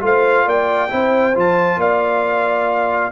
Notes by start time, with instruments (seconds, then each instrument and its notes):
0.00 tuba A3, trombone F4, horn C5, trumpet F5
0.46 tuba A#3, horn D5, trumpet G5
0.89 tuba C4, trombone E4, horn C5
1.34 tuba F3, trombone F4, trumpet A5
1.77 tuba A#3, horn D5, trumpet F5